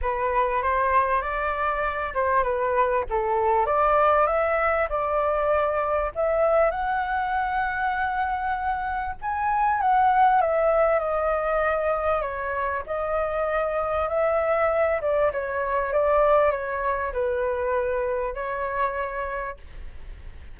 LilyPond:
\new Staff \with { instrumentName = "flute" } { \time 4/4 \tempo 4 = 98 b'4 c''4 d''4. c''8 | b'4 a'4 d''4 e''4 | d''2 e''4 fis''4~ | fis''2. gis''4 |
fis''4 e''4 dis''2 | cis''4 dis''2 e''4~ | e''8 d''8 cis''4 d''4 cis''4 | b'2 cis''2 | }